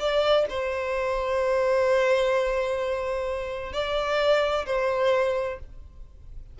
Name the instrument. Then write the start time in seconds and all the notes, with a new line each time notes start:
violin
0.00 D5
0.50 C5
3.73 D5
4.66 C5